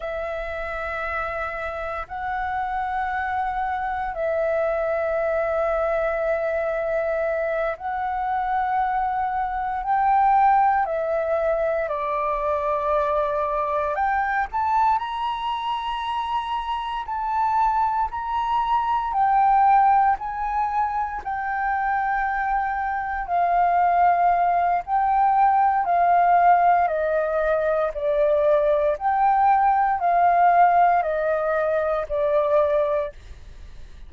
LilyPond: \new Staff \with { instrumentName = "flute" } { \time 4/4 \tempo 4 = 58 e''2 fis''2 | e''2.~ e''8 fis''8~ | fis''4. g''4 e''4 d''8~ | d''4. g''8 a''8 ais''4.~ |
ais''8 a''4 ais''4 g''4 gis''8~ | gis''8 g''2 f''4. | g''4 f''4 dis''4 d''4 | g''4 f''4 dis''4 d''4 | }